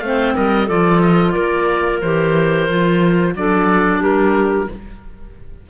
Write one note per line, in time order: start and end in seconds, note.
0.00 0.34 A3
0.00 0.68 C4
0.00 0.36 C5
0.00 0.33 F5
0.36 0.69 G3
0.36 0.67 A#4
0.36 0.69 D#5
0.67 1.36 F3
0.67 2.02 F4
0.67 1.33 A4
0.67 1.02 D5
1.02 1.32 D#5
1.32 2.02 A#3
1.32 3.33 A#4
1.32 1.99 D5
2.01 2.68 E3
2.01 2.69 G4
2.01 3.35 C5
2.68 3.35 F3
2.68 3.35 F4
3.35 4.01 F#3
3.35 4.69 D4
3.35 4.00 A4
3.35 4.03 D5
4.00 4.68 G3
4.00 4.67 G4
4.00 4.70 A#4